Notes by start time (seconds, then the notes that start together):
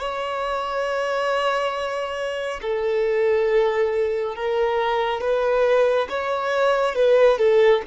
0.00 C#5
2.62 A4
4.36 A#4
5.21 B4
6.10 C#5
6.96 B4
7.39 A4